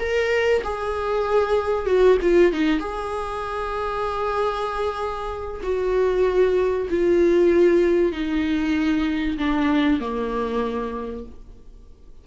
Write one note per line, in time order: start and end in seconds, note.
0.00 0.62 A#4
0.64 1.87 G#4
1.87 2.18 F#4
2.22 2.53 F4
2.53 2.80 D#4
2.80 5.62 G#4
5.63 6.88 F#4
6.91 8.13 F4
8.13 9.38 D#4
9.38 10.01 D4
10.01 11.26 A#3